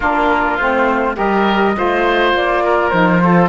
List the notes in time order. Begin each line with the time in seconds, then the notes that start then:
0.00 A#3 D4 F4 A#4
0.56 A3 C4 C5
1.15 G3 G4 A#4 D#5
1.74 A3 F4 C5
2.33 A#3 D5
2.64 A#4
2.89 F3 D#4 C5
3.21 F4 A4